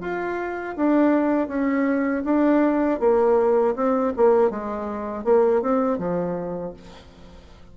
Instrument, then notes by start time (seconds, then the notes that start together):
bassoon
0.00 F4
0.76 D4
1.48 C#4
2.24 D4
3.00 A#3
3.75 C4
4.16 A#3
4.50 G#3
5.24 A#3
5.61 C4
5.98 F3